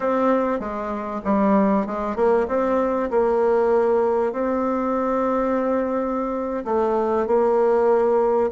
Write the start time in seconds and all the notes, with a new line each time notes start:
0.00 C4
0.59 G#3
1.24 G3
1.86 G#3
2.15 A#3
2.48 C4
3.10 A#3
4.32 C4
6.64 A3
7.26 A#3